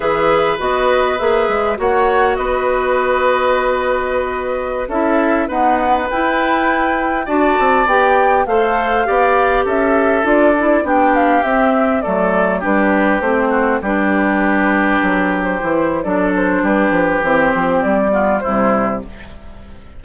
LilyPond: <<
  \new Staff \with { instrumentName = "flute" } { \time 4/4 \tempo 4 = 101 e''4 dis''4 e''4 fis''4 | dis''1~ | dis''16 e''4 fis''4 g''4.~ g''16~ | g''16 a''4 g''4 f''4.~ f''16~ |
f''16 e''4 d''4 g''8 f''8 e''8.~ | e''16 d''4 b'4 c''4 b'8.~ | b'2 c''4 d''8 c''8 | b'4 c''4 d''4 c''4 | }
  \new Staff \with { instrumentName = "oboe" } { \time 4/4 b'2. cis''4 | b'1~ | b'16 a'4 b'2~ b'8.~ | b'16 d''2 c''4 d''8.~ |
d''16 a'2 g'4.~ g'16~ | g'16 a'4 g'4. fis'8 g'8.~ | g'2. a'4 | g'2~ g'8 f'8 e'4 | }
  \new Staff \with { instrumentName = "clarinet" } { \time 4/4 gis'4 fis'4 gis'4 fis'4~ | fis'1~ | fis'16 e'4 b4 e'4.~ e'16~ | e'16 fis'4 g'4 a'4 g'8.~ |
g'4~ g'16 f'8 e'8 d'4 c'8.~ | c'16 a4 d'4 c'4 d'8.~ | d'2~ d'16 e'8. d'4~ | d'4 c'4. b8 g4 | }
  \new Staff \with { instrumentName = "bassoon" } { \time 4/4 e4 b4 ais8 gis8 ais4 | b1~ | b16 cis'4 dis'4 e'4.~ e'16~ | e'16 d'8 c'8 b4 a4 b8.~ |
b16 cis'4 d'4 b4 c'8.~ | c'16 fis4 g4 a4 g8.~ | g4~ g16 fis4 e8. fis4 | g8 f8 e8 f8 g4 c4 | }
>>